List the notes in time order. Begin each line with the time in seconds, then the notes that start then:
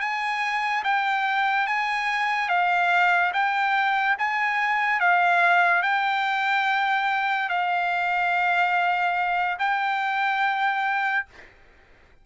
0.00 G#5
0.84 G5
1.67 G#5
2.48 F5
3.33 G5
4.18 G#5
5.00 F5
5.82 G5
7.49 F5
9.59 G5